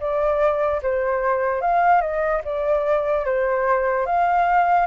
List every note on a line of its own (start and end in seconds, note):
0.00 0.81 D5
0.83 1.61 C5
1.61 2.01 F5
2.01 2.42 D#5
2.44 3.25 D5
3.25 4.06 C5
4.06 4.86 F5